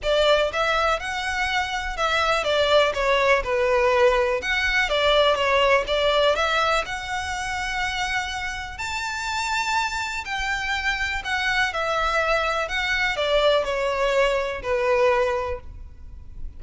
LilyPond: \new Staff \with { instrumentName = "violin" } { \time 4/4 \tempo 4 = 123 d''4 e''4 fis''2 | e''4 d''4 cis''4 b'4~ | b'4 fis''4 d''4 cis''4 | d''4 e''4 fis''2~ |
fis''2 a''2~ | a''4 g''2 fis''4 | e''2 fis''4 d''4 | cis''2 b'2 | }